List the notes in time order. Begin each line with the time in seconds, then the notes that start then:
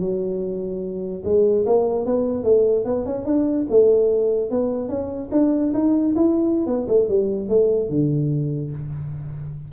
0.00 F#3
1.25 G#3
1.67 A#3
2.06 B3
2.44 A3
2.85 B3
3.06 C#4
3.26 D4
3.70 A3
4.51 B3
4.89 C#4
5.32 D4
5.74 D#4
6.16 E4
6.67 B3
6.89 A3
7.09 G3
7.49 A3
7.90 D3